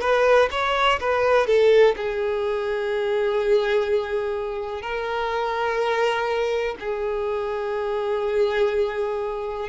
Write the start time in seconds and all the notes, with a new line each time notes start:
0.00 B4
0.51 C#5
1.00 B4
1.46 A4
1.96 G#4
4.82 A#4
6.79 G#4